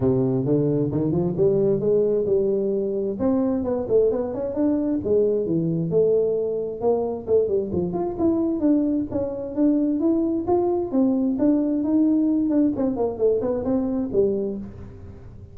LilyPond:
\new Staff \with { instrumentName = "tuba" } { \time 4/4 \tempo 4 = 132 c4 d4 dis8 f8 g4 | gis4 g2 c'4 | b8 a8 b8 cis'8 d'4 gis4 | e4 a2 ais4 |
a8 g8 f8 f'8 e'4 d'4 | cis'4 d'4 e'4 f'4 | c'4 d'4 dis'4. d'8 | c'8 ais8 a8 b8 c'4 g4 | }